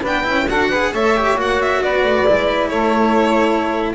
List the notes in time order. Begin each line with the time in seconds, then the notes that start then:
0.00 B3 D4 B4
0.06 G5
0.23 C#4 E4
0.49 D4 F#4 A4 F#5
0.68 G#4 B4
0.93 A3 A4 C#5 E5
1.16 G4
1.35 A#3 F#4 F#5
1.61 E5
1.81 B3 B4 D5
2.03 A3
2.26 G#3 E4
2.69 A3 A4 C#5